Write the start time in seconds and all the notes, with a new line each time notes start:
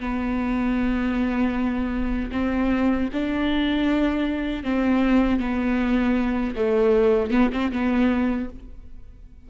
0.00 B3
2.32 C4
3.13 D4
4.64 C4
5.40 B3
6.56 A3
7.31 B3
7.53 C4
7.72 B3